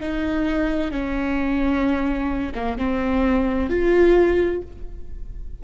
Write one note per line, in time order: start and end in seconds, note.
0.00 0.91 D#4
0.91 2.53 C#4
2.55 2.78 A#3
2.78 3.70 C4
3.70 4.62 F4